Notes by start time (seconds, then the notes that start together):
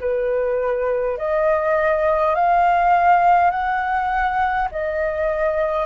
0.00 B4
1.18 D#5
2.35 F5
3.51 F#5
4.72 D#5